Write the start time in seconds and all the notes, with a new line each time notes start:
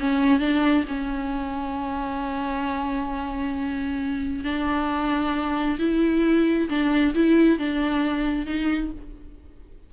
0.00 C#4
0.40 D4
0.89 C#4
4.45 D4
5.79 E4
6.70 D4
7.15 E4
7.59 D4
8.47 D#4